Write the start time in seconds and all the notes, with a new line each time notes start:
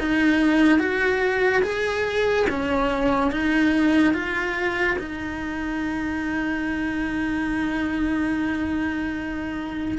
0.00 D#4
0.80 F#4
1.63 G#4
2.50 C#4
3.32 D#4
4.14 F4
4.99 D#4